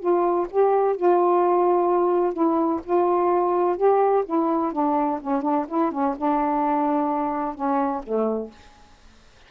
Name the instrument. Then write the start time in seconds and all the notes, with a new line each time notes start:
saxophone
0.00 F4
0.51 G4
0.97 F4
2.34 E4
2.84 F4
3.77 G4
4.26 E4
4.73 D4
5.21 C#4
5.42 D4
5.68 E4
5.92 C#4
6.17 D4
7.55 C#4
8.04 A3